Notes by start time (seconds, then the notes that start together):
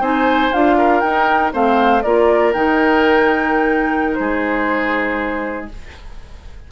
0.00 C4 D#4 C5 G#5
0.53 D4 F4 F5
0.77 A#4
1.00 D#4 G5
1.52 A3 C4 C5 F5
2.02 A#3 F4 A#4 D5
2.53 D#3 D#4 G5
4.14 G#3 G#4 C5